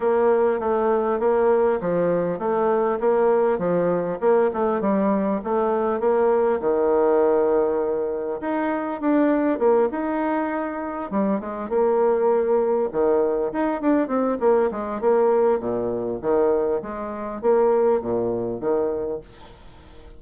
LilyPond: \new Staff \with { instrumentName = "bassoon" } { \time 4/4 \tempo 4 = 100 ais4 a4 ais4 f4 | a4 ais4 f4 ais8 a8 | g4 a4 ais4 dis4~ | dis2 dis'4 d'4 |
ais8 dis'2 g8 gis8 ais8~ | ais4. dis4 dis'8 d'8 c'8 | ais8 gis8 ais4 ais,4 dis4 | gis4 ais4 ais,4 dis4 | }